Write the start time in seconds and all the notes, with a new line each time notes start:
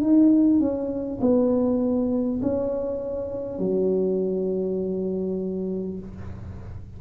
0.00 D#4
0.59 C#4
1.21 B3
2.42 C#4
3.58 F#3